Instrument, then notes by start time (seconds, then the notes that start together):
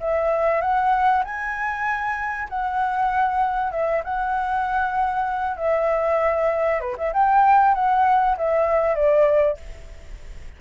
flute
0.00 E5
0.61 F#5
1.25 G#5
2.49 F#5
3.72 E5
4.04 F#5
5.57 E5
6.81 B4
6.98 E5
7.13 G5
7.75 F#5
8.38 E5
8.96 D5